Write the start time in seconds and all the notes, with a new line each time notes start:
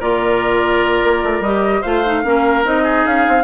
0.00 A#2 F4 A#4 D5
1.03 A#3
1.24 A3
1.40 G3 G4 D#5
1.81 A3 F4 C5 F5
2.05 D#4
2.23 A#3 C#4 A#4
2.64 C4 D#4 D#5
2.83 G#4
3.06 C#4 F5
3.28 C4